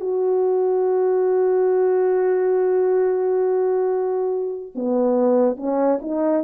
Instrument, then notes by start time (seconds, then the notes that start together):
horn
0.00 F#4
4.75 B3
5.56 C#4
6.01 D#4